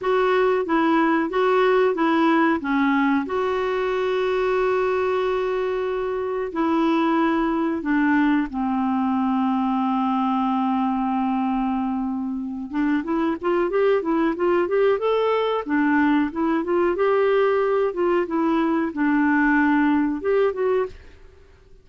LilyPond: \new Staff \with { instrumentName = "clarinet" } { \time 4/4 \tempo 4 = 92 fis'4 e'4 fis'4 e'4 | cis'4 fis'2.~ | fis'2 e'2 | d'4 c'2.~ |
c'2.~ c'8 d'8 | e'8 f'8 g'8 e'8 f'8 g'8 a'4 | d'4 e'8 f'8 g'4. f'8 | e'4 d'2 g'8 fis'8 | }